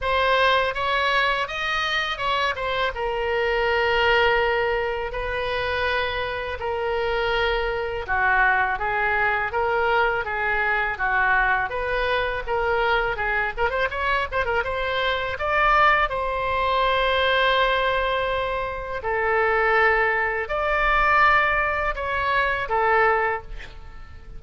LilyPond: \new Staff \with { instrumentName = "oboe" } { \time 4/4 \tempo 4 = 82 c''4 cis''4 dis''4 cis''8 c''8 | ais'2. b'4~ | b'4 ais'2 fis'4 | gis'4 ais'4 gis'4 fis'4 |
b'4 ais'4 gis'8 ais'16 c''16 cis''8 c''16 ais'16 | c''4 d''4 c''2~ | c''2 a'2 | d''2 cis''4 a'4 | }